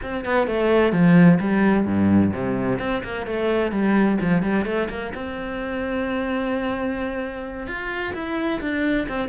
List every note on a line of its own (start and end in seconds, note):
0.02 0.25 C4
0.25 0.47 B3
0.47 0.92 A3
0.92 1.38 F3
1.40 1.85 G3
1.85 2.32 G2
2.33 2.79 C3
2.79 3.02 C4
3.03 3.26 A#3
3.26 3.71 A3
3.71 4.18 G3
4.21 4.42 F3
4.42 4.65 G3
4.65 4.88 A3
4.89 5.12 A#3
5.14 7.67 C4
7.67 8.13 F4
8.14 8.60 E4
8.60 9.07 D4
9.08 9.29 C4